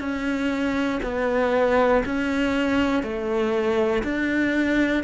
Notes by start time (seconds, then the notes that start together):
0.00 C#4
1.03 B3
2.06 C#4
3.04 A3
4.04 D4